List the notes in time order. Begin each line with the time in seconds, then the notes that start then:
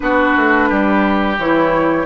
0.00 B3 D4 F#4 B4
0.36 A3
0.69 G3 G4
1.38 E3 E4 C#5